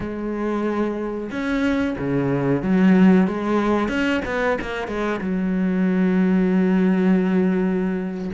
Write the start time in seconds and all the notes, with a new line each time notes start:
0.00 G#3
1.31 C#4
1.98 C#3
2.62 F#3
3.27 G#3
3.88 C#4
4.25 B3
4.61 A#3
4.87 G#3
5.20 F#3